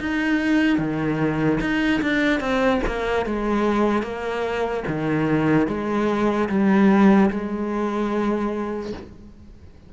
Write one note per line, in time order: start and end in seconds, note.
0.00 0.78 D#4
0.78 1.59 D#3
1.61 2.01 D#4
2.02 2.40 D4
2.40 2.80 C4
2.86 3.26 A#3
3.26 4.02 G#3
4.02 4.84 A#3
4.87 5.67 D#3
5.67 6.48 G#3
6.49 7.30 G3
7.30 8.92 G#3